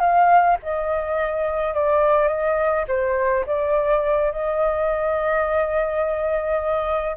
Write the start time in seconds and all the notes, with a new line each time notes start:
0.00 F5
0.63 D#5
1.74 D5
2.28 D#5
2.88 C5
3.46 D5
4.32 D#5